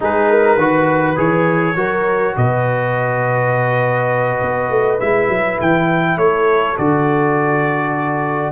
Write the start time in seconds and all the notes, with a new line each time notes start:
0.00 G#3 D#4 G#4 B4
0.30 A#4
0.56 D#3 F#4 B4
1.16 E3 G#4 C#5
1.75 F#3 F#4 A#4
2.36 B2 B4 D#5
4.41 B3
4.69 A3
5.00 G#3 E4 E5
5.27 F#3
5.60 E3 G5
6.17 A3 A4 C#5
6.77 D3 F#4 D5